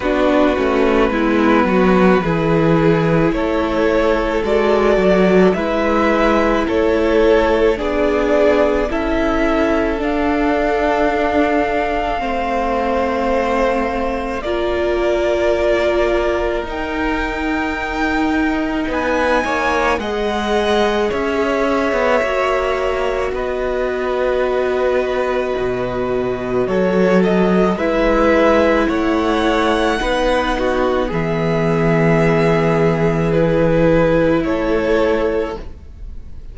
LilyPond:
<<
  \new Staff \with { instrumentName = "violin" } { \time 4/4 \tempo 4 = 54 b'2. cis''4 | d''4 e''4 cis''4 d''4 | e''4 f''2.~ | f''4 d''2 g''4~ |
g''4 gis''4 fis''4 e''4~ | e''4 dis''2. | cis''8 dis''8 e''4 fis''2 | e''2 b'4 cis''4 | }
  \new Staff \with { instrumentName = "violin" } { \time 4/4 fis'4 e'8 fis'8 gis'4 a'4~ | a'4 b'4 a'4 gis'4 | a'2. c''4~ | c''4 ais'2.~ |
ais'4 b'8 cis''8 dis''4 cis''4~ | cis''4 b'2. | a'4 b'4 cis''4 b'8 fis'8 | gis'2. a'4 | }
  \new Staff \with { instrumentName = "viola" } { \time 4/4 d'8 cis'8 b4 e'2 | fis'4 e'2 d'4 | e'4 d'2 c'4~ | c'4 f'2 dis'4~ |
dis'2 gis'2 | fis'1~ | fis'4 e'2 dis'4 | b2 e'2 | }
  \new Staff \with { instrumentName = "cello" } { \time 4/4 b8 a8 gis8 fis8 e4 a4 | gis8 fis8 gis4 a4 b4 | cis'4 d'2 a4~ | a4 ais2 dis'4~ |
dis'4 b8 ais8 gis4 cis'8. b16 | ais4 b2 b,4 | fis4 gis4 a4 b4 | e2. a4 | }
>>